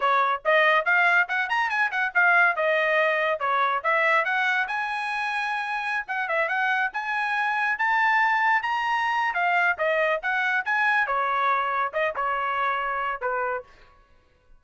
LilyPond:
\new Staff \with { instrumentName = "trumpet" } { \time 4/4 \tempo 4 = 141 cis''4 dis''4 f''4 fis''8 ais''8 | gis''8 fis''8 f''4 dis''2 | cis''4 e''4 fis''4 gis''4~ | gis''2~ gis''16 fis''8 e''8 fis''8.~ |
fis''16 gis''2 a''4.~ a''16~ | a''16 ais''4.~ ais''16 f''4 dis''4 | fis''4 gis''4 cis''2 | dis''8 cis''2~ cis''8 b'4 | }